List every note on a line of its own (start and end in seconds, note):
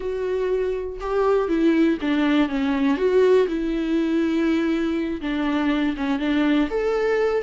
0.00 0.99 F#4
1.00 1.48 G4
1.48 1.98 E4
2.01 2.49 D4
2.49 2.97 C#4
2.97 3.46 F#4
3.47 5.21 E4
5.21 5.95 D4
5.96 6.19 C#4
6.19 6.68 D4
6.70 7.42 A4